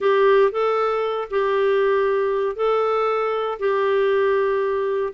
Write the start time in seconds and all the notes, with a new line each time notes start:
0.00 G4
0.51 A4
1.30 G4
2.55 A4
3.59 G4